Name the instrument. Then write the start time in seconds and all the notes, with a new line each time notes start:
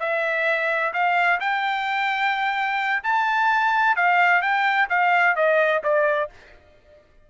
trumpet
0.00 E5
0.93 F5
1.41 G5
3.04 A5
3.96 F5
4.42 G5
4.89 F5
5.36 D#5
5.84 D5